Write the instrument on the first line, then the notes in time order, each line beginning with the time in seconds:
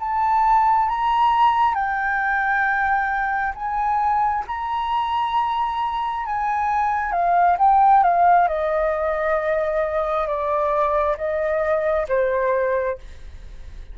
flute
0.00 A5
0.89 A#5
1.75 G5
3.55 G#5
4.47 A#5
6.26 G#5
7.12 F5
7.59 G5
8.04 F5
8.48 D#5
10.27 D5
11.17 D#5
12.09 C5